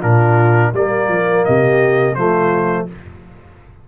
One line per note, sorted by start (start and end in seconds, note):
0.00 0.73 A#2
0.00 0.74 D4
0.00 0.71 F4
0.00 0.74 A#4
0.73 1.08 G3
0.73 2.16 A#3
0.73 1.46 A#4
0.73 1.45 D5
1.08 1.44 F3
1.45 2.16 C3
1.45 2.15 G4
1.45 2.15 D#5
2.15 2.87 F3
2.15 2.88 A3
2.15 2.87 F4
2.15 2.86 C5